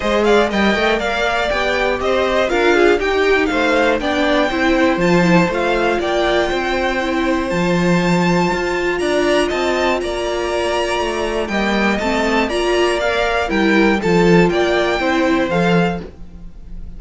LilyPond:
<<
  \new Staff \with { instrumentName = "violin" } { \time 4/4 \tempo 4 = 120 dis''8 f''8 g''4 f''4 g''4 | dis''4 f''4 g''4 f''4 | g''2 a''4 f''4 | g''2. a''4~ |
a''2 ais''4 a''4 | ais''2. g''4 | a''4 ais''4 f''4 g''4 | a''4 g''2 f''4 | }
  \new Staff \with { instrumentName = "violin" } { \time 4/4 c''8 d''8 dis''4 d''2 | c''4 ais'8 gis'8 g'4 c''4 | d''4 c''2. | d''4 c''2.~ |
c''2 d''4 dis''4 | d''2. dis''4~ | dis''4 d''2 ais'4 | a'4 d''4 c''2 | }
  \new Staff \with { instrumentName = "viola" } { \time 4/4 gis'4 ais'2 g'4~ | g'4 f'4 dis'2 | d'4 e'4 f'8 e'8 f'4~ | f'2 e'4 f'4~ |
f'1~ | f'2. ais4 | c'4 f'4 ais'4 e'4 | f'2 e'4 a'4 | }
  \new Staff \with { instrumentName = "cello" } { \time 4/4 gis4 g8 a8 ais4 b4 | c'4 d'4 dis'4 a4 | b4 c'4 f4 a4 | ais4 c'2 f4~ |
f4 f'4 d'4 c'4 | ais2 a4 g4 | a4 ais2 g4 | f4 ais4 c'4 f4 | }
>>